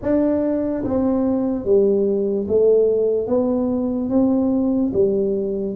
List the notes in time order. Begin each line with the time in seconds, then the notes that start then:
0.01 D4
0.84 C4
1.64 G3
2.47 A3
3.27 B3
4.09 C4
4.93 G3